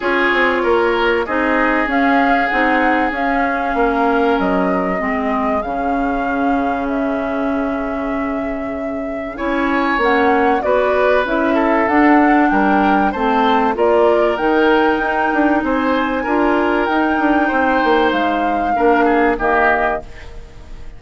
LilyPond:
<<
  \new Staff \with { instrumentName = "flute" } { \time 4/4 \tempo 4 = 96 cis''2 dis''4 f''4 | fis''4 f''2 dis''4~ | dis''4 f''2 e''4~ | e''2. gis''4 |
fis''4 d''4 e''4 fis''4 | g''4 a''4 d''4 g''4~ | g''4 gis''2 g''4~ | g''4 f''2 dis''4 | }
  \new Staff \with { instrumentName = "oboe" } { \time 4/4 gis'4 ais'4 gis'2~ | gis'2 ais'2 | gis'1~ | gis'2. cis''4~ |
cis''4 b'4. a'4. | ais'4 c''4 ais'2~ | ais'4 c''4 ais'2 | c''2 ais'8 gis'8 g'4 | }
  \new Staff \with { instrumentName = "clarinet" } { \time 4/4 f'2 dis'4 cis'4 | dis'4 cis'2. | c'4 cis'2.~ | cis'2. e'4 |
cis'4 fis'4 e'4 d'4~ | d'4 c'4 f'4 dis'4~ | dis'2 f'4 dis'4~ | dis'2 d'4 ais4 | }
  \new Staff \with { instrumentName = "bassoon" } { \time 4/4 cis'8 c'8 ais4 c'4 cis'4 | c'4 cis'4 ais4 fis4 | gis4 cis2.~ | cis2. cis'4 |
ais4 b4 cis'4 d'4 | g4 a4 ais4 dis4 | dis'8 d'8 c'4 d'4 dis'8 d'8 | c'8 ais8 gis4 ais4 dis4 | }
>>